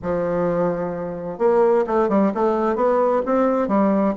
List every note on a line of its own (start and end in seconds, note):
0.02 1.38 F3
1.38 1.84 A#3
1.87 2.09 A3
2.09 2.32 G3
2.34 2.75 A3
2.75 3.21 B3
3.25 3.68 C4
3.68 4.14 G3